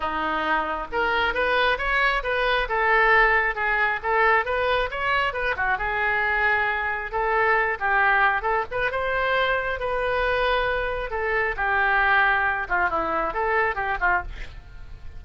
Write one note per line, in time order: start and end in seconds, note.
0.00 0.87 D#4
0.92 1.34 A#4
1.34 1.78 B4
1.78 2.22 C#5
2.23 2.67 B4
2.68 3.55 A4
3.55 3.99 G#4
4.02 4.45 A4
4.45 4.89 B4
4.91 5.33 C#5
5.33 5.55 B4
5.56 5.78 F#4
5.78 7.11 G#4
7.11 7.78 A4
7.79 8.42 G4
8.42 8.64 A4
8.71 8.91 B4
8.91 9.79 C5
9.79 11.10 B4
11.10 11.55 A4
11.56 12.67 G4
12.68 12.89 F4
12.89 13.33 E4
13.33 13.75 A4
13.75 13.97 G4
14.00 14.22 F4